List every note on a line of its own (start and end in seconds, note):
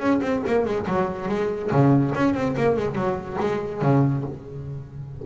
0.00 0.21 C#4
0.22 0.43 C4
0.47 0.66 A#3
0.66 0.87 G#3
0.88 1.29 F#3
1.29 1.71 G#3
1.72 2.14 C#3
2.15 2.35 C#4
2.35 2.56 C4
2.57 2.77 A#3
2.77 2.96 G#3
2.96 3.38 F#3
3.41 3.82 G#3
3.82 4.24 C#3